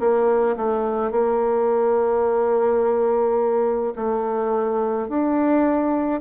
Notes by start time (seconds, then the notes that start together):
0.00 A#3
0.57 A3
1.12 A#3
3.96 A3
5.09 D4